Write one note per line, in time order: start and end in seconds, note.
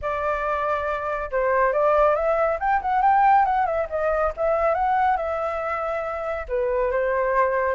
0.01 1.31 D5
1.31 1.72 C5
1.72 2.15 D5
2.15 2.58 E5
2.59 2.81 G5
2.81 3.02 F#5
3.02 3.45 G5
3.45 3.66 F#5
3.66 3.87 E5
3.89 4.32 D#5
4.36 4.74 E5
4.74 5.17 F#5
5.17 6.46 E5
6.48 6.91 B4
6.91 7.74 C5